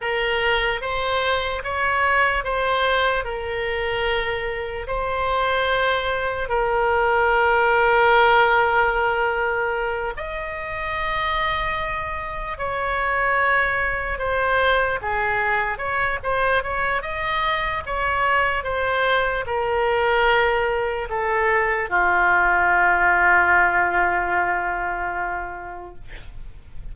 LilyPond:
\new Staff \with { instrumentName = "oboe" } { \time 4/4 \tempo 4 = 74 ais'4 c''4 cis''4 c''4 | ais'2 c''2 | ais'1~ | ais'8 dis''2. cis''8~ |
cis''4. c''4 gis'4 cis''8 | c''8 cis''8 dis''4 cis''4 c''4 | ais'2 a'4 f'4~ | f'1 | }